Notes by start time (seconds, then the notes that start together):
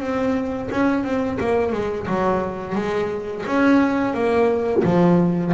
0.00 C4
0.71 C#4
1.04 C4
1.40 A#3
1.72 G#3
2.07 F#3
2.75 G#3
3.46 C#4
4.14 A#3
4.84 F3